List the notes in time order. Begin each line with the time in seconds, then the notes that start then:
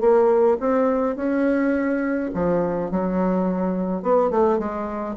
0.00 A#3
0.59 C4
1.16 C#4
2.34 F3
2.91 F#3
4.02 B3
4.30 A3
4.58 G#3